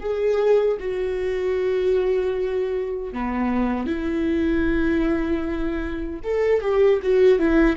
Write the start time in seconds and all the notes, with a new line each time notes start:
0.00 G#4
0.80 F#4
3.13 B3
3.87 E4
6.24 A4
6.62 G4
7.03 F#4
7.39 E4